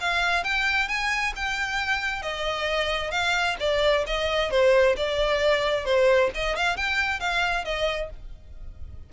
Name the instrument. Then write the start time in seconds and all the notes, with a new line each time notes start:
violin
0.00 F5
0.44 G5
0.88 G#5
1.36 G5
2.22 D#5
3.11 F5
3.60 D5
4.06 D#5
4.51 C5
4.96 D5
5.85 C5
6.34 D#5
6.56 F5
6.77 G5
7.20 F5
7.64 D#5